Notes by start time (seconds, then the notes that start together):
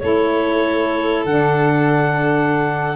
0.00 A3 E4 A4 C#5
1.26 D3 D4 F#5